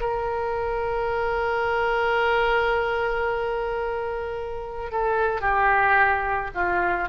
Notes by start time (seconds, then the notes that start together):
0.00 A#4
4.91 A4
5.41 G4
6.54 F4